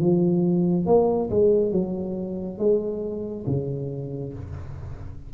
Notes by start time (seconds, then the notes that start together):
0.00 F3
0.86 A#3
1.30 G#3
1.71 F#3
2.58 G#3
3.46 C#3